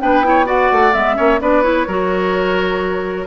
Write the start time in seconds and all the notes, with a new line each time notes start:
0.00 B3 D4 B4 G5
0.23 E4 C#5
0.44 F#4 D5 F#5
0.71 A3
0.93 G#3 B3 E5
1.14 A#3 C#4 C#5
1.40 B3 D4 B4 D5
1.62 E4 C#5
1.87 F#3 F#4 A#4